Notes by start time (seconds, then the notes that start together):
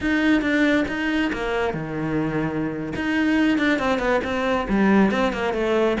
0.01 D#4
0.41 D4
0.88 D#4
1.32 A#3
1.73 D#3
2.95 D#4
3.58 D4
3.78 C4
3.99 B3
4.24 C4
4.69 G3
5.11 C4
5.32 A#3
5.53 A3